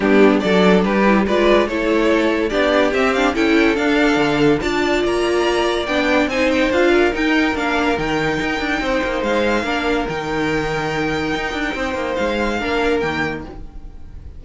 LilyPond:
<<
  \new Staff \with { instrumentName = "violin" } { \time 4/4 \tempo 4 = 143 g'4 d''4 b'4 d''4 | cis''2 d''4 e''8 f''8 | g''4 f''2 a''4 | ais''2 g''4 gis''8 g''8 |
f''4 g''4 f''4 g''4~ | g''2 f''2 | g''1~ | g''4 f''2 g''4 | }
  \new Staff \with { instrumentName = "violin" } { \time 4/4 d'4 a'4 g'4 b'4 | a'2 g'2 | a'2. d''4~ | d''2. c''4~ |
c''8 ais'2.~ ais'8~ | ais'4 c''2 ais'4~ | ais'1 | c''2 ais'2 | }
  \new Staff \with { instrumentName = "viola" } { \time 4/4 b4 d'4. e'8 f'4 | e'2 d'4 c'8 d'8 | e'4 d'2 f'4~ | f'2 d'4 dis'4 |
f'4 dis'4 d'4 dis'4~ | dis'2. d'4 | dis'1~ | dis'2 d'4 ais4 | }
  \new Staff \with { instrumentName = "cello" } { \time 4/4 g4 fis4 g4 gis4 | a2 b4 c'4 | cis'4 d'4 d4 d'4 | ais2 b4 c'4 |
d'4 dis'4 ais4 dis4 | dis'8 d'8 c'8 ais8 gis4 ais4 | dis2. dis'8 d'8 | c'8 ais8 gis4 ais4 dis4 | }
>>